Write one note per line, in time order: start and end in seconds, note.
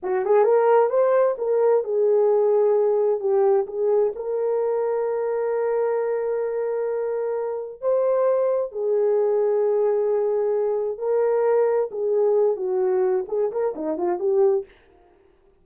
0.02 0.25 F#4
0.25 0.44 G#4
0.44 0.89 A#4
0.89 1.35 C5
1.38 1.84 A#4
1.84 3.20 G#4
3.20 3.66 G4
3.66 4.12 G#4
4.15 7.81 A#4
7.81 8.71 C5
8.71 10.98 G#4
10.98 11.89 A#4
11.91 12.56 G#4
12.56 13.25 F#4
13.28 13.51 G#4
13.51 13.74 A#4
13.75 13.97 D#4
13.97 14.19 F4
14.19 14.65 G4